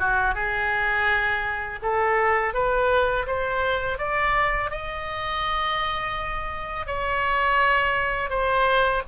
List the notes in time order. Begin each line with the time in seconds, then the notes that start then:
0.00 F#4
0.35 G#4
1.83 A4
2.54 B4
3.27 C5
3.99 D5
4.71 D#5
6.87 C#5
8.30 C5